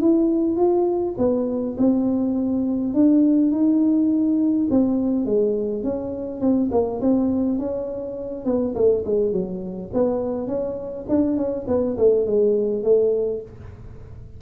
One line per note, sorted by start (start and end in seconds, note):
0.00 0.56 E4
0.56 1.15 F4
1.18 1.76 B3
1.77 2.94 C4
2.94 3.51 D4
3.51 4.68 D#4
4.70 5.25 C4
5.25 5.83 G#3
5.83 6.41 C#4
6.41 6.70 C4
6.71 7.00 A#3
7.00 7.58 C4
7.58 8.44 C#4
8.44 8.74 B3
8.75 9.04 A3
9.05 9.32 G#3
9.32 9.90 F#3
9.93 10.47 B3
10.47 11.05 C#4
11.08 11.36 D4
11.36 11.66 C#4
11.67 11.96 B3
11.97 12.26 A3
12.26 12.83 G#3
12.83 13.41 A3